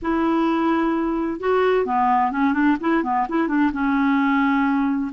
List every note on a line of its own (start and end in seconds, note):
0.02 1.40 E4
1.40 1.85 F#4
1.85 2.31 B3
2.31 2.53 C#4
2.53 2.76 D4
2.80 3.03 E4
3.03 3.27 B3
3.28 3.48 E4
3.48 3.71 D4
3.72 5.11 C#4